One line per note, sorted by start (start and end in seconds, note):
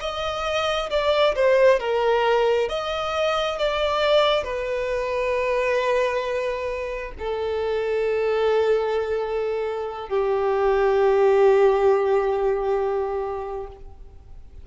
0.00 0.90 D#5
0.90 1.34 D5
1.35 1.79 C5
1.79 2.69 A#4
2.69 3.58 D#5
3.58 4.43 D5
4.43 7.12 B4
7.18 10.08 A4
10.08 13.66 G4